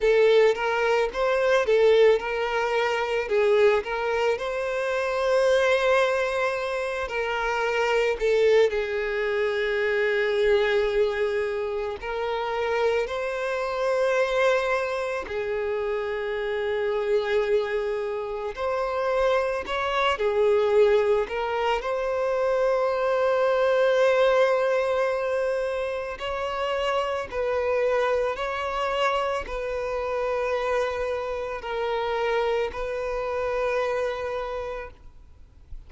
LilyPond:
\new Staff \with { instrumentName = "violin" } { \time 4/4 \tempo 4 = 55 a'8 ais'8 c''8 a'8 ais'4 gis'8 ais'8 | c''2~ c''8 ais'4 a'8 | gis'2. ais'4 | c''2 gis'2~ |
gis'4 c''4 cis''8 gis'4 ais'8 | c''1 | cis''4 b'4 cis''4 b'4~ | b'4 ais'4 b'2 | }